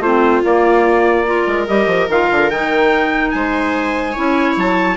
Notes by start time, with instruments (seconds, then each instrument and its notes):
0.00 bassoon A3, clarinet C4, viola F4, trumpet C5
0.44 clarinet A#3, bassoon A#3, trumpet D5
1.26 clarinet F4, viola A#4
1.47 bassoon G#3
1.68 bassoon G3, clarinet G4, trumpet D#5
1.87 bassoon F3
2.09 bassoon D#3, clarinet F4, trumpet F5
2.31 bassoon D3
2.51 bassoon D#3, clarinet D#4, trumpet G5
3.31 bassoon G#3, viola C5, trumpet G#5
4.13 bassoon C#4, clarinet E4, viola C#5
4.57 bassoon F#3, trumpet A5